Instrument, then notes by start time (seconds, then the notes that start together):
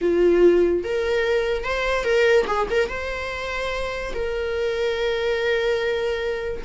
viola
0.01 F4
0.84 A#4
1.64 C5
2.04 A#4
2.46 G#4
2.70 A#4
2.89 C5
4.14 A#4